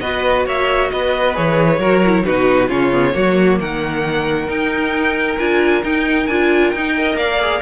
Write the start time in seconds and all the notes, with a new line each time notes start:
0.00 B3 F#4 B4 D#5
0.46 A#3 C#5 E5
0.91 B3 B4 D#5
1.34 E3 G#4 C#5
1.79 F#3 F#4 A#4
2.05 E4
2.25 B2 D#4 F#4 B4
2.68 C#3 C#4 F4 C#5
2.92 B3
3.13 F#3 A#3 F#4
3.60 D#3 A#4 F#5
4.47 D#4 G5
5.38 D4 F4 G#5
5.83 D#4 G5
6.27 D4 F4 G#5
6.70 D#4 G5
6.96 A#4 D#5
7.15 A#3 D5 F5
7.41 G#4